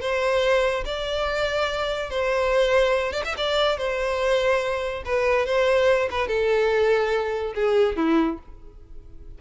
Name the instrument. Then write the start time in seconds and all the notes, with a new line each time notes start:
violin
0.00 C5
0.85 D5
2.10 C5
3.13 D5
3.25 E5
3.37 D5
3.77 C5
5.05 B4
5.46 C5
6.10 B4
6.27 A4
7.55 G#4
7.96 E4